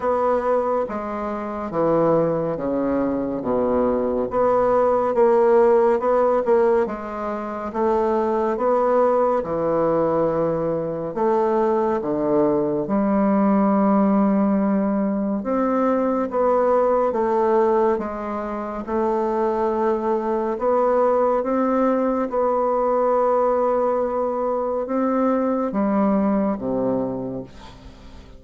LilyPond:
\new Staff \with { instrumentName = "bassoon" } { \time 4/4 \tempo 4 = 70 b4 gis4 e4 cis4 | b,4 b4 ais4 b8 ais8 | gis4 a4 b4 e4~ | e4 a4 d4 g4~ |
g2 c'4 b4 | a4 gis4 a2 | b4 c'4 b2~ | b4 c'4 g4 c4 | }